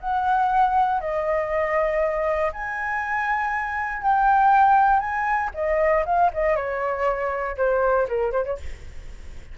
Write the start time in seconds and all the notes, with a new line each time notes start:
0.00 F#5
1.01 D#5
2.53 G#5
4.02 G5
5.00 G#5
5.54 D#5
6.06 F5
6.33 D#5
6.56 C#5
7.57 C5
8.08 A#4
8.32 C5
8.45 C#5